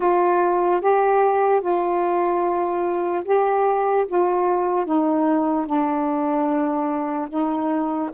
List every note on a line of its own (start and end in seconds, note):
0.00 0.81 F4
0.81 1.60 G4
1.60 3.22 F4
3.24 4.05 G4
4.08 4.85 F4
4.85 5.66 D#4
5.66 7.28 D4
7.29 8.10 D#4